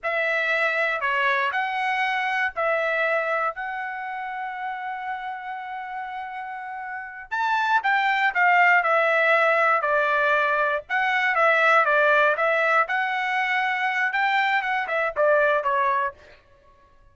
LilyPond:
\new Staff \with { instrumentName = "trumpet" } { \time 4/4 \tempo 4 = 119 e''2 cis''4 fis''4~ | fis''4 e''2 fis''4~ | fis''1~ | fis''2~ fis''8 a''4 g''8~ |
g''8 f''4 e''2 d''8~ | d''4. fis''4 e''4 d''8~ | d''8 e''4 fis''2~ fis''8 | g''4 fis''8 e''8 d''4 cis''4 | }